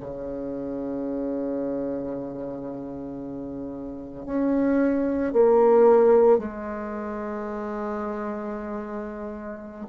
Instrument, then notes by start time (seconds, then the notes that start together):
bassoon
0.00 C#3
4.26 C#4
5.33 A#3
6.38 G#3